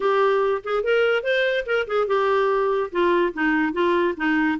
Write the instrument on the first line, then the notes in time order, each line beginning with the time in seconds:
clarinet
0.00 G4
0.64 G#4
0.83 A#4
1.23 C5
1.66 A#4
1.87 G#4
2.07 G4
2.91 F4
3.33 D#4
3.73 F4
4.16 D#4